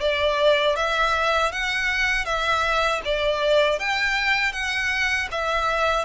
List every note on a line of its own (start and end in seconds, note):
0.00 0.76 D5
0.76 1.52 E5
1.52 2.25 F#5
2.25 3.01 E5
3.04 3.79 D5
3.79 4.52 G5
4.52 5.28 F#5
5.31 6.04 E5